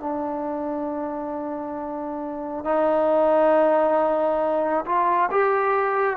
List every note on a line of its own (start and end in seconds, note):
0.00 2.64 D4
2.64 4.84 D#4
4.85 5.29 F4
5.31 6.16 G4